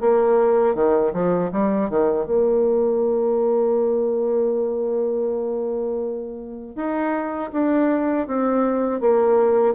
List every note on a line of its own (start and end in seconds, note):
0.00 0.75 A#3
0.75 1.12 D#3
1.13 1.50 F3
1.52 1.89 G3
1.89 2.25 D#3
2.25 6.75 A#3
6.75 7.50 D#4
7.52 8.27 D4
8.27 9.00 C4
9.00 9.74 A#3